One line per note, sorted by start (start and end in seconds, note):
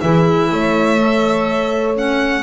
0.00 0.51 E3
0.00 0.98 E4
0.00 0.50 G#4
0.00 1.95 E5
0.51 2.43 A3
0.51 2.43 C#5
0.98 1.96 A4
1.96 2.43 C#4
1.96 2.43 F#5